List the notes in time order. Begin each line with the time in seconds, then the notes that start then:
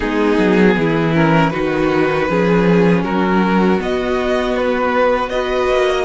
0.00 G#3 B3 D#4 G#4
0.38 F#3
0.76 E3 E4
1.13 C#4 A#4
1.50 D#3 D#4 F#4 B4
2.28 F3 C#4 G#4
3.03 F#3 F#4 A#4
3.78 B3 D#5
4.56 B4
5.29 F#4 B4 D#5
5.69 A#3
5.89 D#5